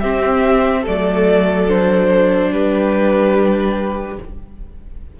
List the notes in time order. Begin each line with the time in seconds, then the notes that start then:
0.00 C4 G4 E5
0.81 A3 A4 D5
0.87 F#3
1.68 D4 C5
2.51 G3 G4 B4